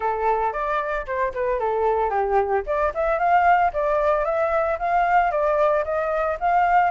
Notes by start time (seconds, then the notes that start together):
0.00 A4
0.53 D5
1.06 C5
1.34 B4
1.59 A4
2.09 G4
2.66 D5
2.94 E5
3.18 F5
3.73 D5
4.24 E5
4.78 F5
5.31 D5
5.84 D#5
6.40 F5